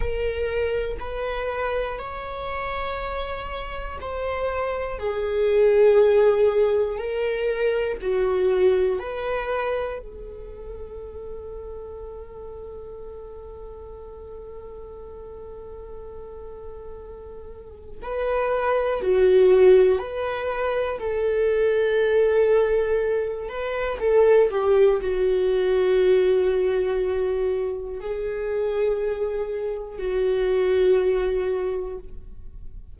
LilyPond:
\new Staff \with { instrumentName = "viola" } { \time 4/4 \tempo 4 = 60 ais'4 b'4 cis''2 | c''4 gis'2 ais'4 | fis'4 b'4 a'2~ | a'1~ |
a'2 b'4 fis'4 | b'4 a'2~ a'8 b'8 | a'8 g'8 fis'2. | gis'2 fis'2 | }